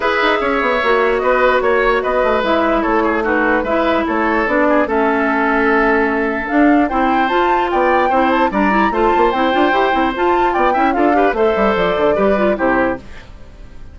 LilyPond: <<
  \new Staff \with { instrumentName = "flute" } { \time 4/4 \tempo 4 = 148 e''2. dis''4 | cis''4 dis''4 e''4 cis''4 | b'4 e''4 cis''4 d''4 | e''1 |
f''4 g''4 a''4 g''4~ | g''8 a''8 ais''4 a''4 g''4~ | g''4 a''4 g''4 f''4 | e''4 d''2 c''4 | }
  \new Staff \with { instrumentName = "oboe" } { \time 4/4 b'4 cis''2 b'4 | cis''4 b'2 a'8 gis'8 | fis'4 b'4 a'4. gis'8 | a'1~ |
a'4 c''2 d''4 | c''4 d''4 c''2~ | c''2 d''8 e''8 a'8 b'8 | c''2 b'4 g'4 | }
  \new Staff \with { instrumentName = "clarinet" } { \time 4/4 gis'2 fis'2~ | fis'2 e'2 | dis'4 e'2 d'4 | cis'1 |
d'4 e'4 f'2 | e'4 d'8 e'8 f'4 e'8 f'8 | g'8 e'8 f'4. e'8 f'8 g'8 | a'2 g'8 f'8 e'4 | }
  \new Staff \with { instrumentName = "bassoon" } { \time 4/4 e'8 dis'8 cis'8 b8 ais4 b4 | ais4 b8 a8 gis4 a4~ | a4 gis4 a4 b4 | a1 |
d'4 c'4 f'4 b4 | c'4 g4 a8 ais8 c'8 d'8 | e'8 c'8 f'4 b8 cis'8 d'4 | a8 g8 f8 d8 g4 c4 | }
>>